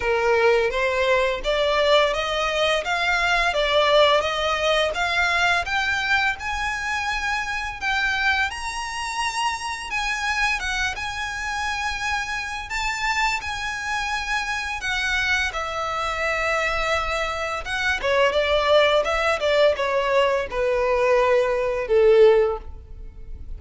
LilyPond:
\new Staff \with { instrumentName = "violin" } { \time 4/4 \tempo 4 = 85 ais'4 c''4 d''4 dis''4 | f''4 d''4 dis''4 f''4 | g''4 gis''2 g''4 | ais''2 gis''4 fis''8 gis''8~ |
gis''2 a''4 gis''4~ | gis''4 fis''4 e''2~ | e''4 fis''8 cis''8 d''4 e''8 d''8 | cis''4 b'2 a'4 | }